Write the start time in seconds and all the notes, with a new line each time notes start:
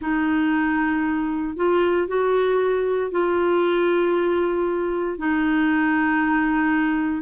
0.01 D#4
1.56 F4
2.07 F#4
3.11 F4
5.17 D#4